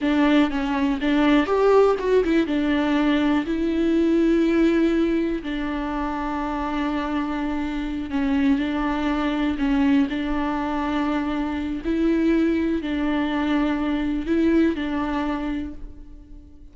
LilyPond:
\new Staff \with { instrumentName = "viola" } { \time 4/4 \tempo 4 = 122 d'4 cis'4 d'4 g'4 | fis'8 e'8 d'2 e'4~ | e'2. d'4~ | d'1~ |
d'8 cis'4 d'2 cis'8~ | cis'8 d'2.~ d'8 | e'2 d'2~ | d'4 e'4 d'2 | }